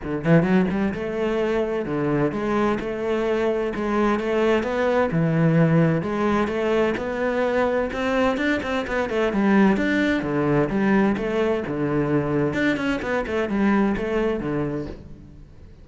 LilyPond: \new Staff \with { instrumentName = "cello" } { \time 4/4 \tempo 4 = 129 d8 e8 fis8 g8 a2 | d4 gis4 a2 | gis4 a4 b4 e4~ | e4 gis4 a4 b4~ |
b4 c'4 d'8 c'8 b8 a8 | g4 d'4 d4 g4 | a4 d2 d'8 cis'8 | b8 a8 g4 a4 d4 | }